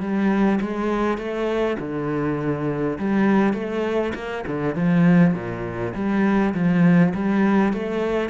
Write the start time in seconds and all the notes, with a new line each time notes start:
0.00 G3
0.61 G#3
1.18 A3
1.79 D3
2.98 G3
3.53 A3
4.15 A#3
4.47 D3
4.75 F3
5.34 A#2
5.94 G3
6.54 F3
7.14 G3
7.73 A3